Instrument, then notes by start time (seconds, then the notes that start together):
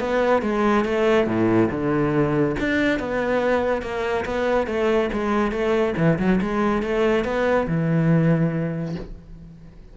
cello
0.00 B3
0.42 G#3
0.85 A3
1.27 A2
1.71 D3
2.60 D4
2.99 B3
3.82 A#3
4.25 B3
4.67 A3
5.13 G#3
5.52 A3
5.97 E3
6.19 F#3
6.41 G#3
6.83 A3
7.25 B3
7.68 E3